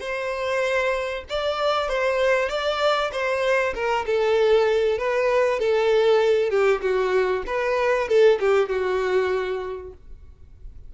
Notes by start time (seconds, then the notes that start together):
0.00 C5
1.29 D5
1.89 C5
2.49 D5
3.12 C5
3.75 A#4
4.06 A4
4.98 B4
5.60 A4
6.50 G4
6.82 F#4
7.47 B4
8.08 A4
8.40 G4
8.69 F#4